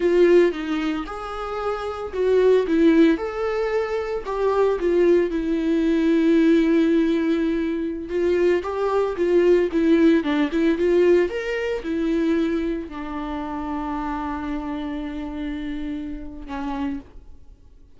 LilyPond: \new Staff \with { instrumentName = "viola" } { \time 4/4 \tempo 4 = 113 f'4 dis'4 gis'2 | fis'4 e'4 a'2 | g'4 f'4 e'2~ | e'2.~ e'16 f'8.~ |
f'16 g'4 f'4 e'4 d'8 e'16~ | e'16 f'4 ais'4 e'4.~ e'16~ | e'16 d'2.~ d'8.~ | d'2. cis'4 | }